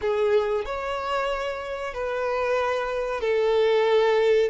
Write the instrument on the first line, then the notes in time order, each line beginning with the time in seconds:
violin
0.01 G#4
0.65 C#5
1.94 B4
3.20 A4